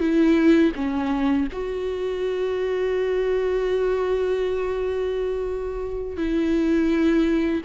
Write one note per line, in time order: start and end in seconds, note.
0.00 0.72 E4
0.76 1.48 C#4
1.52 6.17 F#4
6.17 7.62 E4